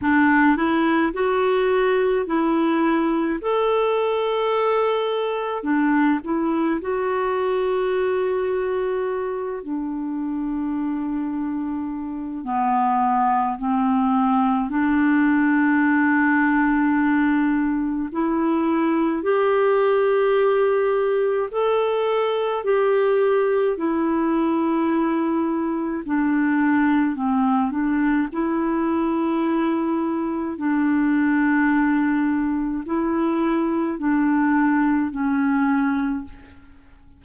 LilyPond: \new Staff \with { instrumentName = "clarinet" } { \time 4/4 \tempo 4 = 53 d'8 e'8 fis'4 e'4 a'4~ | a'4 d'8 e'8 fis'2~ | fis'8 d'2~ d'8 b4 | c'4 d'2. |
e'4 g'2 a'4 | g'4 e'2 d'4 | c'8 d'8 e'2 d'4~ | d'4 e'4 d'4 cis'4 | }